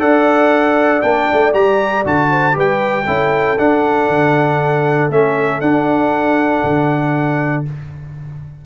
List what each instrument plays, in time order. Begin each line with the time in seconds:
0.00 tuba D4, trombone A4, horn D5, trumpet F#5
1.02 tuba A#3, trombone D4, trumpet G5
1.33 tuba A3
1.53 tuba G3, trombone G4, trumpet A#5
2.05 tuba D3, trombone F#4, trumpet A5
2.31 horn C5
2.53 tuba G3, trombone G4, horn B4
2.59 trumpet G5
3.07 tuba C#4, trombone E4, horn A4
3.59 tuba D4, trombone D4, trumpet F#5
4.10 tuba D3
5.10 tuba A3, trombone C#4, trumpet E5
5.61 tuba D4, trombone D4, trumpet F#5
6.64 tuba D3